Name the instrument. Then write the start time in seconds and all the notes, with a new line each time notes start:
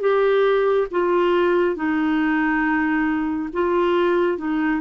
clarinet
0.00 G4
0.91 F4
1.75 D#4
3.53 F4
4.38 D#4